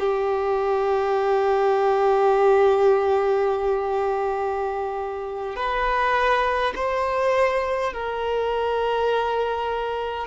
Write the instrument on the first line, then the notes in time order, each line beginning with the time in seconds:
violin
0.00 G4
5.56 B4
6.76 C5
7.94 A#4